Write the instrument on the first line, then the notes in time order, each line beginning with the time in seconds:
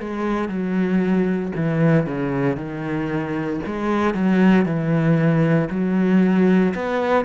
cello
0.00 G#3
0.48 F#3
1.55 E3
2.06 C#3
2.56 D#3
3.66 G#3
4.14 F#3
4.65 E3
5.70 F#3
6.74 B3